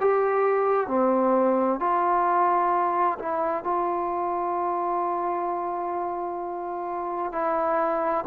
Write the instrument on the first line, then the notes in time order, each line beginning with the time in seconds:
trombone
0.00 G4
0.87 C4
1.80 F4
3.18 E4
3.64 F4
7.32 E4